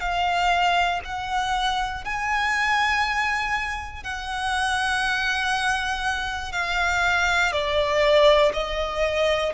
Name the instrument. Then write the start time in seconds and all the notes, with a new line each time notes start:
violin
0.00 F5
1.04 F#5
2.04 G#5
4.03 F#5
6.52 F5
7.52 D5
8.53 D#5